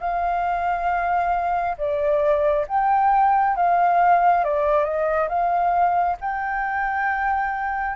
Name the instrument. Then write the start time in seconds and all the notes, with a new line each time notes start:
flute
0.00 F5
1.78 D5
2.68 G5
3.57 F5
4.44 D5
4.84 D#5
5.29 F5
6.21 G5